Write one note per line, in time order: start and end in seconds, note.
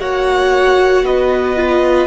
0.00 1.04 A#3
0.00 1.57 F#4
0.00 1.06 C#5
0.00 1.06 F#5
1.04 2.07 B3
1.04 2.07 B4
1.04 2.07 D#5
1.57 2.07 F4